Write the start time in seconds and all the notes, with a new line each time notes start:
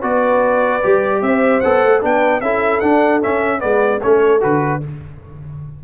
0.00 B3 F#4 B4 D5
0.83 G3 G4
1.22 C4 C5 E5
1.61 B3 A4 F#5
1.84 A3
2.01 B3 D4 B4 G5
2.41 C#4 E4 A4 E5
2.80 D4 F#5
3.22 C#4 E5
3.59 G#3 B3 B4 D5
4.02 A3 C#4 A4 C#5
4.41 D3 F#4 B4